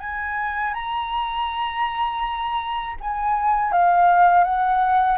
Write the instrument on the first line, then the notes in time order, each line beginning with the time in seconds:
flute
0.00 G#5
0.74 A#5
3.00 G#5
3.72 F5
4.44 F#5